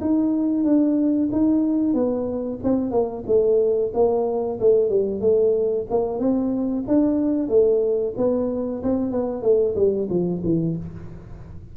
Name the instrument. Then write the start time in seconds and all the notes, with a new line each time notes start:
tuba
0.00 D#4
0.63 D4
1.32 D#4
1.94 B3
2.63 C4
2.91 A#3
3.26 A3
3.94 A#3
4.60 A3
4.89 G3
5.21 A3
5.90 A#3
6.19 C4
6.87 D4
7.48 A3
8.17 B3
8.83 C4
9.11 B3
9.42 A3
9.75 G3
10.09 F3
10.43 E3